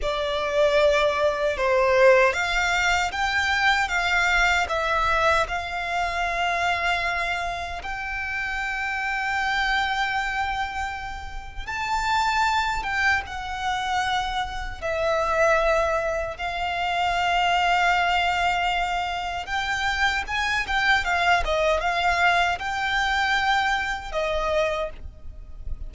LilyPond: \new Staff \with { instrumentName = "violin" } { \time 4/4 \tempo 4 = 77 d''2 c''4 f''4 | g''4 f''4 e''4 f''4~ | f''2 g''2~ | g''2. a''4~ |
a''8 g''8 fis''2 e''4~ | e''4 f''2.~ | f''4 g''4 gis''8 g''8 f''8 dis''8 | f''4 g''2 dis''4 | }